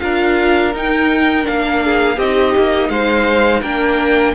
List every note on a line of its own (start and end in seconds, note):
0.00 0.74 D4
0.00 0.73 F4
0.00 1.84 A#4
0.00 0.72 F5
0.74 1.47 D#4
0.74 1.43 D#4
0.74 1.47 G5
1.43 2.17 A#3
1.43 2.15 D4
1.43 2.19 F5
1.84 2.17 G#4
2.17 2.54 C4
2.17 3.64 D#4
2.17 2.89 G4
2.17 2.89 D#5
2.58 2.89 A#3
2.89 3.61 G#3
2.89 3.62 C5
2.89 3.62 F5
3.62 4.35 A#3
3.62 4.35 D4
3.62 4.34 A#4
3.62 4.35 G5